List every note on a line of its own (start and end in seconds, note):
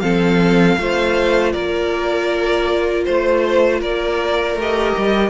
0.00 0.77 F3
0.00 0.78 C4
0.00 0.79 A4
0.00 1.52 F5
0.78 1.54 A3
0.78 4.59 F4
0.78 1.53 C5
1.52 3.07 A#3
1.52 3.05 A#4
1.52 3.04 D5
3.05 3.81 A3
3.05 3.81 C5
3.05 3.80 C5
3.80 4.55 A#3
3.80 5.30 A#4
3.80 4.59 D5
4.55 4.93 A3
4.55 5.30 G4
4.62 5.30 D#5
4.97 5.30 G3